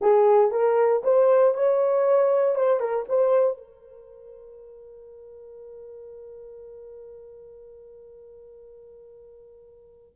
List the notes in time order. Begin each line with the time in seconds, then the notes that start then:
0.01 G#4
0.51 A#4
1.03 C5
1.54 C#5
2.55 C5
2.80 A#4
3.08 C5
3.57 A#4